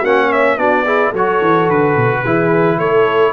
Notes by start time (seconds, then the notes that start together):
0.00 A#3 C#4 F#4 F#5
0.32 C#5 E5
0.58 B3 D4 F#4 D5
0.86 E4 G#4
1.10 F#3 A4 C#5
1.18 F#4
1.42 E3
1.70 D3 B4
1.97 B2
2.24 E3 E4 G#4
2.79 A3 A4 C#5